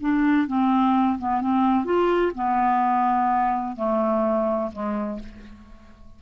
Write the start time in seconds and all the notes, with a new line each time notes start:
0.00 D4
0.47 C4
1.18 B3
1.40 C4
1.85 F4
2.35 B3
3.76 A3
4.72 G#3